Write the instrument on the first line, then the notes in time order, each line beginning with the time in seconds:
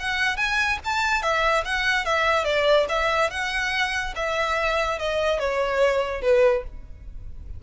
violin
0.00 F#5
0.37 G#5
0.85 A5
1.23 E5
1.65 F#5
2.06 E5
2.45 D5
2.89 E5
3.31 F#5
4.16 E5
4.99 D#5
5.39 C#5
6.22 B4